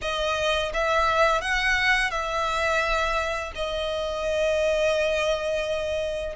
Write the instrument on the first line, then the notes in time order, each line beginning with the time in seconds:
violin
0.01 D#5
0.73 E5
1.41 F#5
2.10 E5
3.55 D#5